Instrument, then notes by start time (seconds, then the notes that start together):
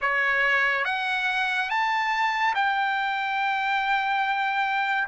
trumpet
0.01 C#5
0.85 F#5
1.69 A5
2.54 G5